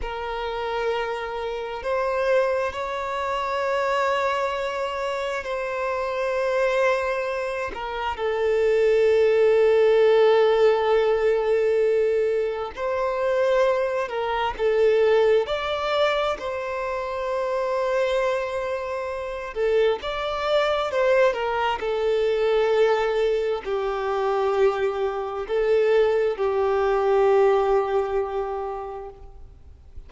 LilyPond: \new Staff \with { instrumentName = "violin" } { \time 4/4 \tempo 4 = 66 ais'2 c''4 cis''4~ | cis''2 c''2~ | c''8 ais'8 a'2.~ | a'2 c''4. ais'8 |
a'4 d''4 c''2~ | c''4. a'8 d''4 c''8 ais'8 | a'2 g'2 | a'4 g'2. | }